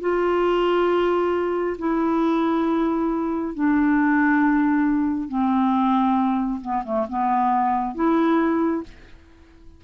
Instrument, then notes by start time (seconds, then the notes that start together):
clarinet
0.00 F4
1.78 E4
3.54 D4
5.28 C4
6.61 B3
6.84 A3
7.09 B3
7.95 E4